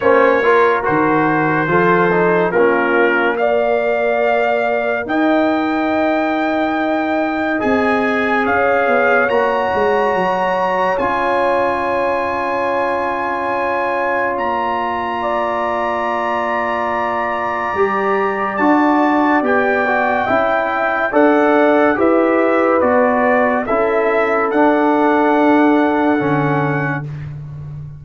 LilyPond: <<
  \new Staff \with { instrumentName = "trumpet" } { \time 4/4 \tempo 4 = 71 cis''4 c''2 ais'4 | f''2 g''2~ | g''4 gis''4 f''4 ais''4~ | ais''4 gis''2.~ |
gis''4 ais''2.~ | ais''2 a''4 g''4~ | g''4 fis''4 e''4 d''4 | e''4 fis''2. | }
  \new Staff \with { instrumentName = "horn" } { \time 4/4 c''8 ais'4. a'4 f'4 | d''2 dis''2~ | dis''2 cis''2~ | cis''1~ |
cis''2 d''2~ | d''1 | e''4 d''4 b'2 | a'1 | }
  \new Staff \with { instrumentName = "trombone" } { \time 4/4 cis'8 f'8 fis'4 f'8 dis'8 cis'4 | ais'1~ | ais'4 gis'2 fis'4~ | fis'4 f'2.~ |
f'1~ | f'4 g'4 fis'4 g'8 fis'8 | e'4 a'4 g'4 fis'4 | e'4 d'2 cis'4 | }
  \new Staff \with { instrumentName = "tuba" } { \time 4/4 ais4 dis4 f4 ais4~ | ais2 dis'2~ | dis'4 c'4 cis'8 b8 ais8 gis8 | fis4 cis'2.~ |
cis'4 ais2.~ | ais4 g4 d'4 b4 | cis'4 d'4 e'4 b4 | cis'4 d'2 d4 | }
>>